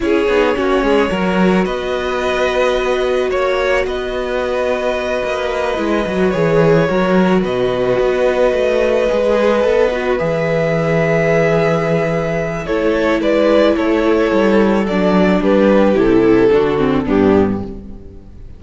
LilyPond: <<
  \new Staff \with { instrumentName = "violin" } { \time 4/4 \tempo 4 = 109 cis''2. dis''4~ | dis''2 cis''4 dis''4~ | dis''2.~ dis''8 cis''8~ | cis''4. dis''2~ dis''8~ |
dis''2~ dis''8 e''4.~ | e''2. cis''4 | d''4 cis''2 d''4 | b'4 a'2 g'4 | }
  \new Staff \with { instrumentName = "violin" } { \time 4/4 gis'4 fis'8 gis'8 ais'4 b'4~ | b'2 cis''4 b'4~ | b'1~ | b'8 ais'4 b'2~ b'8~ |
b'1~ | b'2. a'4 | b'4 a'2. | g'2 fis'4 d'4 | }
  \new Staff \with { instrumentName = "viola" } { \time 4/4 e'8 dis'8 cis'4 fis'2~ | fis'1~ | fis'2~ fis'8 e'8 fis'8 gis'8~ | gis'8 fis'2.~ fis'8~ |
fis'8 gis'4 a'8 fis'8 gis'4.~ | gis'2. e'4~ | e'2. d'4~ | d'4 e'4 d'8 c'8 b4 | }
  \new Staff \with { instrumentName = "cello" } { \time 4/4 cis'8 b8 ais8 gis8 fis4 b4~ | b2 ais4 b4~ | b4. ais4 gis8 fis8 e8~ | e8 fis4 b,4 b4 a8~ |
a8 gis4 b4 e4.~ | e2. a4 | gis4 a4 g4 fis4 | g4 c4 d4 g,4 | }
>>